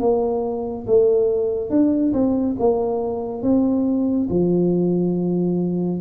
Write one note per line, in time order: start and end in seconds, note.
0.00 0.86 A#3
0.87 1.70 A3
1.70 2.13 D4
2.13 2.56 C4
2.59 3.42 A#3
3.42 4.28 C4
4.30 6.01 F3